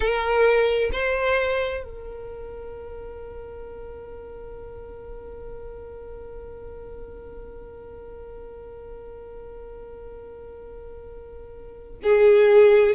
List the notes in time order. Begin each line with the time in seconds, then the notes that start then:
0.00 A#4
0.92 C5
1.83 A#4
12.03 G#4